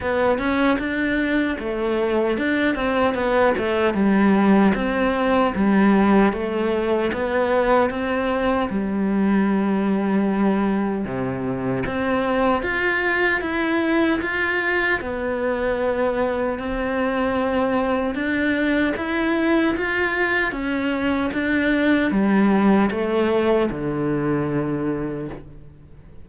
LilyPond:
\new Staff \with { instrumentName = "cello" } { \time 4/4 \tempo 4 = 76 b8 cis'8 d'4 a4 d'8 c'8 | b8 a8 g4 c'4 g4 | a4 b4 c'4 g4~ | g2 c4 c'4 |
f'4 e'4 f'4 b4~ | b4 c'2 d'4 | e'4 f'4 cis'4 d'4 | g4 a4 d2 | }